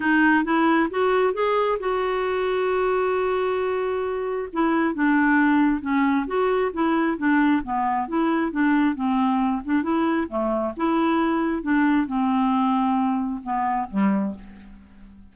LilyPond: \new Staff \with { instrumentName = "clarinet" } { \time 4/4 \tempo 4 = 134 dis'4 e'4 fis'4 gis'4 | fis'1~ | fis'2 e'4 d'4~ | d'4 cis'4 fis'4 e'4 |
d'4 b4 e'4 d'4 | c'4. d'8 e'4 a4 | e'2 d'4 c'4~ | c'2 b4 g4 | }